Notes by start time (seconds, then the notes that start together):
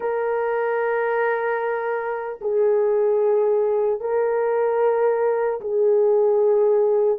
0.00 A#4
2.41 G#4
4.00 A#4
5.60 G#4